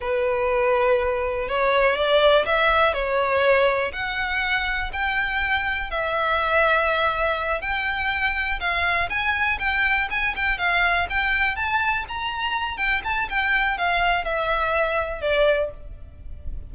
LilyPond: \new Staff \with { instrumentName = "violin" } { \time 4/4 \tempo 4 = 122 b'2. cis''4 | d''4 e''4 cis''2 | fis''2 g''2 | e''2.~ e''8 g''8~ |
g''4. f''4 gis''4 g''8~ | g''8 gis''8 g''8 f''4 g''4 a''8~ | a''8 ais''4. g''8 a''8 g''4 | f''4 e''2 d''4 | }